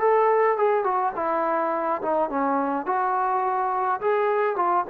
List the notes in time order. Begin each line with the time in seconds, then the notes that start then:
0.00 A4
0.57 G#4
0.84 F#4
1.16 E4
2.02 D#4
2.30 C#4
2.86 F#4
4.01 G#4
4.56 F4